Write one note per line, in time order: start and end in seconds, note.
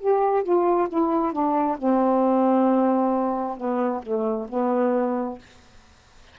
0.00 0.44 G4
0.44 0.89 F4
0.89 1.33 E4
1.33 1.77 D4
1.78 3.57 C4
3.58 4.03 B3
4.03 4.47 A3
4.49 5.39 B3